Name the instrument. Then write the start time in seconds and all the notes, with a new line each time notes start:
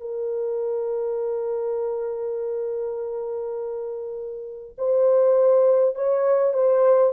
horn
0.00 A#4
4.78 C5
5.95 C#5
6.53 C5